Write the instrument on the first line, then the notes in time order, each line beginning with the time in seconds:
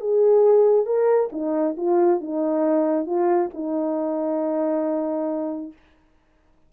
horn
0.00 G#4
0.86 A#4
1.32 D#4
1.77 F4
2.20 D#4
3.06 F4
3.53 D#4